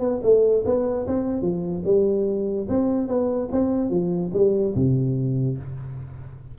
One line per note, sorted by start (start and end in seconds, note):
0.00 0.21 B3
0.23 0.64 A3
0.66 1.07 B3
1.07 1.42 C4
1.42 1.83 F3
1.85 2.67 G3
2.69 3.08 C4
3.08 3.49 B3
3.52 3.90 C4
3.90 4.31 F3
4.34 4.75 G3
4.76 5.58 C3